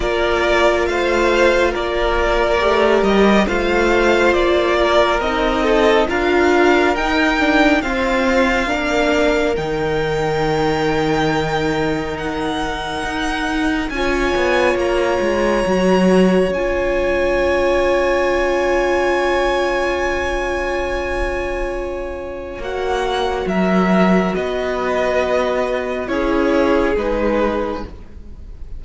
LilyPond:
<<
  \new Staff \with { instrumentName = "violin" } { \time 4/4 \tempo 4 = 69 d''4 f''4 d''4. dis''8 | f''4 d''4 dis''4 f''4 | g''4 f''2 g''4~ | g''2 fis''2 |
gis''4 ais''2 gis''4~ | gis''1~ | gis''2 fis''4 e''4 | dis''2 cis''4 b'4 | }
  \new Staff \with { instrumentName = "violin" } { \time 4/4 ais'4 c''4 ais'2 | c''4. ais'4 a'8 ais'4~ | ais'4 c''4 ais'2~ | ais'1 |
cis''1~ | cis''1~ | cis''2. ais'4 | b'2 gis'2 | }
  \new Staff \with { instrumentName = "viola" } { \time 4/4 f'2. g'4 | f'2 dis'4 f'4 | dis'8 d'8 c'4 d'4 dis'4~ | dis'1 |
f'2 fis'4 f'4~ | f'1~ | f'2 fis'2~ | fis'2 e'4 dis'4 | }
  \new Staff \with { instrumentName = "cello" } { \time 4/4 ais4 a4 ais4 a8 g8 | a4 ais4 c'4 d'4 | dis'4 f'4 ais4 dis4~ | dis2. dis'4 |
cis'8 b8 ais8 gis8 fis4 cis'4~ | cis'1~ | cis'2 ais4 fis4 | b2 cis'4 gis4 | }
>>